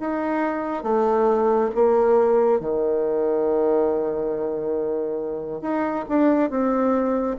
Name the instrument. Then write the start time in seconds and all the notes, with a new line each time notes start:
bassoon
0.00 D#4
0.83 A3
1.75 A#3
2.60 D#3
5.62 D#4
6.09 D4
6.50 C4